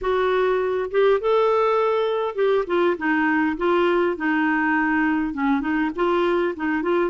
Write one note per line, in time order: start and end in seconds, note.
0.01 0.90 F#4
0.90 1.20 G4
1.20 2.35 A4
2.35 2.64 G4
2.67 2.96 F4
2.97 3.56 D#4
3.57 4.16 F4
4.16 5.33 D#4
5.33 5.60 C#4
5.60 5.90 D#4
5.95 6.55 F4
6.56 6.82 D#4
6.82 7.10 F4